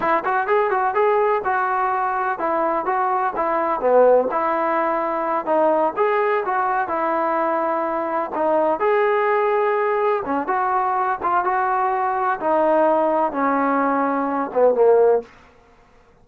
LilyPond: \new Staff \with { instrumentName = "trombone" } { \time 4/4 \tempo 4 = 126 e'8 fis'8 gis'8 fis'8 gis'4 fis'4~ | fis'4 e'4 fis'4 e'4 | b4 e'2~ e'8 dis'8~ | dis'8 gis'4 fis'4 e'4.~ |
e'4. dis'4 gis'4.~ | gis'4. cis'8 fis'4. f'8 | fis'2 dis'2 | cis'2~ cis'8 b8 ais4 | }